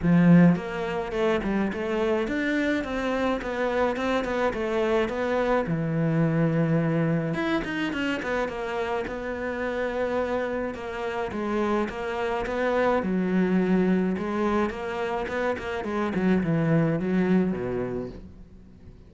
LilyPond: \new Staff \with { instrumentName = "cello" } { \time 4/4 \tempo 4 = 106 f4 ais4 a8 g8 a4 | d'4 c'4 b4 c'8 b8 | a4 b4 e2~ | e4 e'8 dis'8 cis'8 b8 ais4 |
b2. ais4 | gis4 ais4 b4 fis4~ | fis4 gis4 ais4 b8 ais8 | gis8 fis8 e4 fis4 b,4 | }